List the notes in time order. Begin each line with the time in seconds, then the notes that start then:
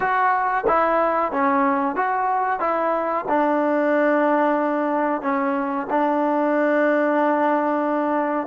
0.00 F#4
0.67 E4
1.32 C#4
1.95 F#4
2.60 E4
3.28 D4
5.21 C#4
5.89 D4